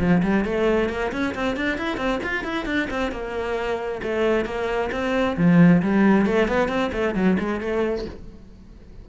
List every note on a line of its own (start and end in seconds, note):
0.00 0.22 F3
0.23 0.46 G3
0.46 0.90 A3
0.90 1.12 A#3
1.13 1.35 C#4
1.35 1.57 C4
1.57 1.78 D4
1.78 1.98 E4
1.98 2.20 C4
2.24 2.44 F4
2.44 2.66 E4
2.66 2.88 D4
2.91 3.12 C4
3.12 4.02 A#3
4.03 4.46 A3
4.46 4.90 A#3
4.92 5.37 C4
5.38 5.82 F3
5.83 6.27 G3
6.27 6.49 A3
6.49 6.69 B3
6.69 6.91 C4
6.93 7.15 A3
7.15 7.38 F#3
7.40 7.61 G#3
7.61 8.06 A3